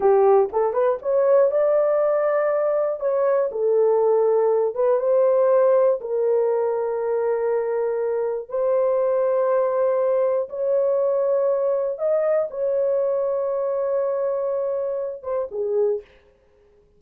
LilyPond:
\new Staff \with { instrumentName = "horn" } { \time 4/4 \tempo 4 = 120 g'4 a'8 b'8 cis''4 d''4~ | d''2 cis''4 a'4~ | a'4. b'8 c''2 | ais'1~ |
ais'4 c''2.~ | c''4 cis''2. | dis''4 cis''2.~ | cis''2~ cis''8 c''8 gis'4 | }